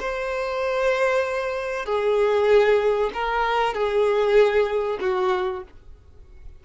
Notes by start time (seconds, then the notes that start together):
0.00 C5
1.86 G#4
3.14 A#4
3.74 G#4
5.01 F#4